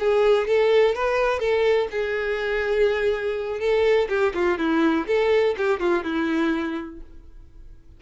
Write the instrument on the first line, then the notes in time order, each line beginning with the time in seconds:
violin
0.00 G#4
0.48 A4
0.95 B4
1.40 A4
1.91 G#4
3.60 A4
4.10 G4
4.35 F4
4.59 E4
5.08 A4
5.58 G4
5.80 F4
6.04 E4